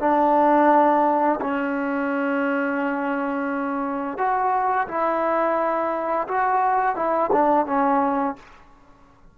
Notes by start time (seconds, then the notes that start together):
0.00 D4
1.41 C#4
4.17 F#4
4.87 E4
6.27 F#4
6.95 E4
7.32 D4
7.66 C#4